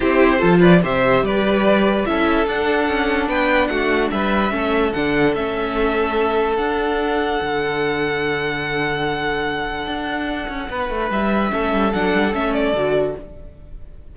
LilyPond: <<
  \new Staff \with { instrumentName = "violin" } { \time 4/4 \tempo 4 = 146 c''4. d''8 e''4 d''4~ | d''4 e''4 fis''2 | g''4 fis''4 e''2 | fis''4 e''2. |
fis''1~ | fis''1~ | fis''2. e''4~ | e''4 fis''4 e''8 d''4. | }
  \new Staff \with { instrumentName = "violin" } { \time 4/4 g'4 a'8 b'8 c''4 b'4~ | b'4 a'2. | b'4 fis'4 b'4 a'4~ | a'1~ |
a'1~ | a'1~ | a'2 b'2 | a'1 | }
  \new Staff \with { instrumentName = "viola" } { \time 4/4 e'4 f'4 g'2~ | g'4 e'4 d'2~ | d'2. cis'4 | d'4 cis'2. |
d'1~ | d'1~ | d'1 | cis'4 d'4 cis'4 fis'4 | }
  \new Staff \with { instrumentName = "cello" } { \time 4/4 c'4 f4 c4 g4~ | g4 cis'4 d'4 cis'4 | b4 a4 g4 a4 | d4 a2. |
d'2 d2~ | d1 | d'4. cis'8 b8 a8 g4 | a8 g8 fis8 g8 a4 d4 | }
>>